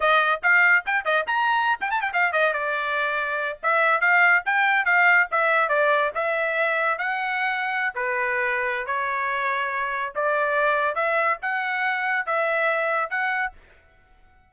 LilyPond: \new Staff \with { instrumentName = "trumpet" } { \time 4/4 \tempo 4 = 142 dis''4 f''4 g''8 dis''8 ais''4~ | ais''16 g''16 a''16 g''16 f''8 dis''8 d''2~ | d''8 e''4 f''4 g''4 f''8~ | f''8 e''4 d''4 e''4.~ |
e''8 fis''2~ fis''16 b'4~ b'16~ | b'4 cis''2. | d''2 e''4 fis''4~ | fis''4 e''2 fis''4 | }